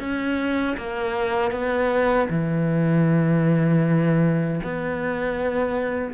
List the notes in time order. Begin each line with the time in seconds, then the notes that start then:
0.00 C#4
0.78 A#3
1.51 B3
2.30 E3
4.64 B3